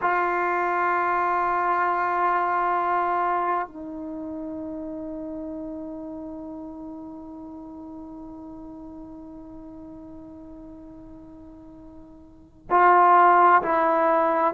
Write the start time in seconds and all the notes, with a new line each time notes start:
0.01 F4
3.67 D#4
12.69 F4
13.62 E4